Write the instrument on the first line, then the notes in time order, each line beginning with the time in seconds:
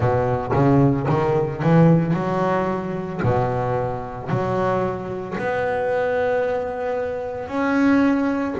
double bass
0.00 B2
0.53 C#3
1.09 D#3
1.62 E3
2.13 F#3
3.22 B2
4.29 F#3
5.38 B3
7.48 C#4